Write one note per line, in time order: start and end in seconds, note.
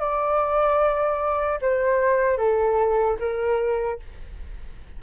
0.00 1.60 D5
1.61 2.38 C5
2.38 3.18 A4
3.20 4.00 A#4